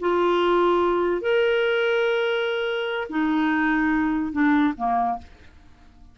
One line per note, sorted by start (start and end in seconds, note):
0.00 1.22 F4
1.22 3.08 A#4
3.09 4.32 D#4
4.32 4.74 D4
4.77 5.18 A#3